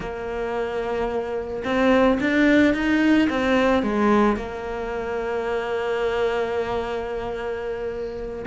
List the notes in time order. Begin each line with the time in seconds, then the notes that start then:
0.00 A#3
1.64 C4
2.20 D4
2.73 D#4
3.29 C4
3.83 G#3
4.36 A#3